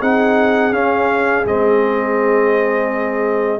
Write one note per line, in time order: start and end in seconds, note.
0.00 0.72 C4
0.00 0.72 D#4
0.00 3.60 G#4
0.00 0.73 F#5
0.72 1.44 C#4
0.72 1.45 F5
1.45 3.60 G#3
1.45 3.60 C4
1.45 3.60 D#5